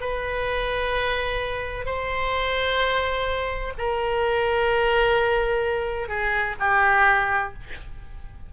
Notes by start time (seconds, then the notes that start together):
0.00 B4
1.85 C5
3.78 A#4
6.08 G#4
6.59 G4